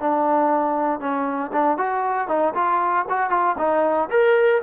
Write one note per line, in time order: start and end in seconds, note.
0.00 1.00 D4
1.00 1.51 C#4
1.52 1.77 D4
1.77 2.28 F#4
2.28 2.54 D#4
2.54 3.06 F4
3.09 3.30 F#4
3.30 3.55 F4
3.58 4.09 D#4
4.10 4.62 A#4